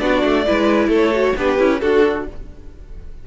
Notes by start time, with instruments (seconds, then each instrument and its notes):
0.00 cello B3, viola D4, violin F#4 D5
0.24 cello A3
0.47 cello G#3, viola E4, violin B4
0.88 cello A3, violin A4
0.96 violin C#5
1.14 viola F#4
1.37 cello B3, viola D4, violin G4 B4
1.59 cello C#4, viola E4
1.80 cello D4, violin F#4 A4, viola F#4